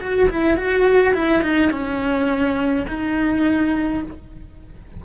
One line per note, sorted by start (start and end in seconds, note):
0.00 0.29 F#4
0.29 0.57 E4
0.57 1.14 F#4
1.14 1.42 E4
1.42 1.71 D#4
1.71 2.86 C#4
2.87 4.03 D#4